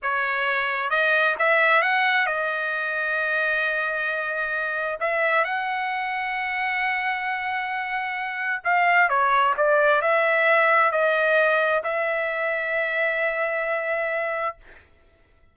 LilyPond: \new Staff \with { instrumentName = "trumpet" } { \time 4/4 \tempo 4 = 132 cis''2 dis''4 e''4 | fis''4 dis''2.~ | dis''2. e''4 | fis''1~ |
fis''2. f''4 | cis''4 d''4 e''2 | dis''2 e''2~ | e''1 | }